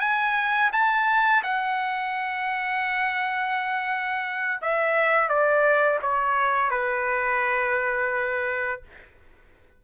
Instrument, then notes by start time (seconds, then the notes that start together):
trumpet
0.00 G#5
0.73 A5
1.43 F#5
4.62 E5
5.29 D5
6.02 C#5
6.71 B4